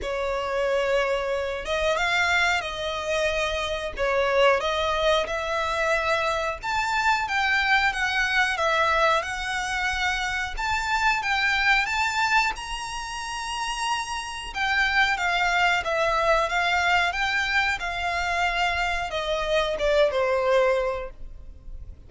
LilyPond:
\new Staff \with { instrumentName = "violin" } { \time 4/4 \tempo 4 = 91 cis''2~ cis''8 dis''8 f''4 | dis''2 cis''4 dis''4 | e''2 a''4 g''4 | fis''4 e''4 fis''2 |
a''4 g''4 a''4 ais''4~ | ais''2 g''4 f''4 | e''4 f''4 g''4 f''4~ | f''4 dis''4 d''8 c''4. | }